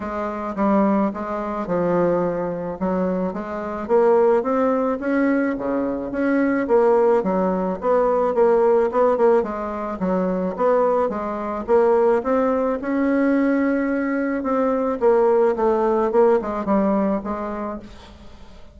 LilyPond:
\new Staff \with { instrumentName = "bassoon" } { \time 4/4 \tempo 4 = 108 gis4 g4 gis4 f4~ | f4 fis4 gis4 ais4 | c'4 cis'4 cis4 cis'4 | ais4 fis4 b4 ais4 |
b8 ais8 gis4 fis4 b4 | gis4 ais4 c'4 cis'4~ | cis'2 c'4 ais4 | a4 ais8 gis8 g4 gis4 | }